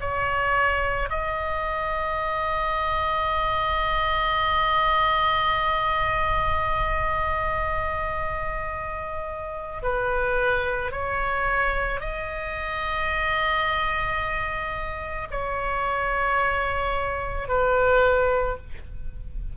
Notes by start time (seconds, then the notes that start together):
0.00 C#5
1.10 D#5
9.82 B4
10.91 C#5
12.00 D#5
15.31 C#5
17.47 B4